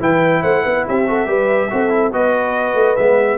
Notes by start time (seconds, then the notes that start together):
0.00 E3 E4 B4 G5
0.42 A3 C5 F#5
0.63 B3 B4
0.88 C4 G4 E5
1.07 F#4 A4
1.26 G3 G4 B4
1.70 C4 F#4 A4
1.89 E4
2.12 B3 F#4 B4 D#5
2.74 A3
2.96 G#3 B3 E5